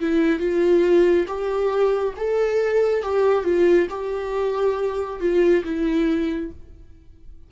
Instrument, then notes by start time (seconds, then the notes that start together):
viola
0.00 E4
0.39 F4
1.27 G4
2.16 A4
3.02 G4
3.44 F4
3.89 G4
5.20 F4
5.64 E4